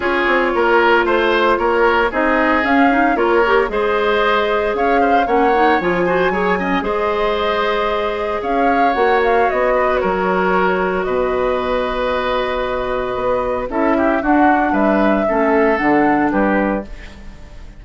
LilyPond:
<<
  \new Staff \with { instrumentName = "flute" } { \time 4/4 \tempo 4 = 114 cis''2 c''4 cis''4 | dis''4 f''4 cis''4 dis''4~ | dis''4 f''4 fis''4 gis''4~ | gis''4 dis''2. |
f''4 fis''8 f''8 dis''4 cis''4~ | cis''4 dis''2.~ | dis''2 e''4 fis''4 | e''2 fis''4 b'4 | }
  \new Staff \with { instrumentName = "oboe" } { \time 4/4 gis'4 ais'4 c''4 ais'4 | gis'2 ais'4 c''4~ | c''4 cis''8 c''8 cis''4. c''8 | cis''8 dis''8 c''2. |
cis''2~ cis''8 b'8 ais'4~ | ais'4 b'2.~ | b'2 a'8 g'8 fis'4 | b'4 a'2 g'4 | }
  \new Staff \with { instrumentName = "clarinet" } { \time 4/4 f'1 | dis'4 cis'8 dis'8 f'8 g'8 gis'4~ | gis'2 cis'8 dis'8 f'8 fis'8 | gis'8 cis'8 gis'2.~ |
gis'4 fis'2.~ | fis'1~ | fis'2 e'4 d'4~ | d'4 cis'4 d'2 | }
  \new Staff \with { instrumentName = "bassoon" } { \time 4/4 cis'8 c'8 ais4 a4 ais4 | c'4 cis'4 ais4 gis4~ | gis4 cis'4 ais4 f4 | fis4 gis2. |
cis'4 ais4 b4 fis4~ | fis4 b,2.~ | b,4 b4 cis'4 d'4 | g4 a4 d4 g4 | }
>>